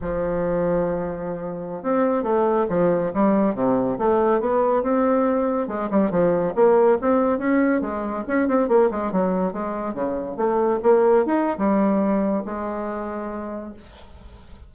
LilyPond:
\new Staff \with { instrumentName = "bassoon" } { \time 4/4 \tempo 4 = 140 f1~ | f16 c'4 a4 f4 g8.~ | g16 c4 a4 b4 c'8.~ | c'4~ c'16 gis8 g8 f4 ais8.~ |
ais16 c'4 cis'4 gis4 cis'8 c'16~ | c'16 ais8 gis8 fis4 gis4 cis8.~ | cis16 a4 ais4 dis'8. g4~ | g4 gis2. | }